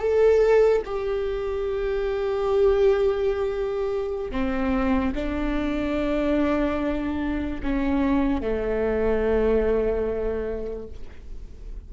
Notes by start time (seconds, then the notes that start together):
0.00 A4
0.86 G4
4.32 C4
5.15 D4
7.63 C#4
8.42 A3